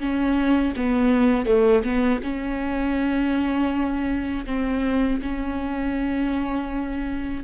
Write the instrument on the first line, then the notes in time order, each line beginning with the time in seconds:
viola
0.00 C#4
0.76 B3
1.46 A3
1.84 B3
2.23 C#4
4.46 C4
5.22 C#4